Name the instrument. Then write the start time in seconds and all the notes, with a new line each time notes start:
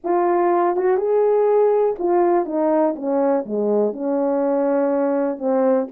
horn
0.04 F4
0.76 F#4
0.97 G#4
1.99 F4
2.45 D#4
2.95 C#4
3.45 G#3
3.93 C#4
5.38 C4